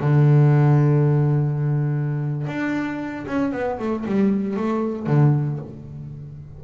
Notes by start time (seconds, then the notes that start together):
0.00 D3
2.47 D4
3.27 C#4
3.52 B3
3.79 A3
4.06 G3
4.57 A3
5.07 D3